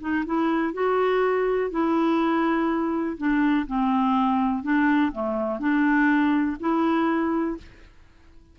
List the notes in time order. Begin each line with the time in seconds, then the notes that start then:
0.00 D#4
0.26 E4
0.73 F#4
1.71 E4
3.17 D4
3.67 C4
4.63 D4
5.12 A3
5.59 D4
6.60 E4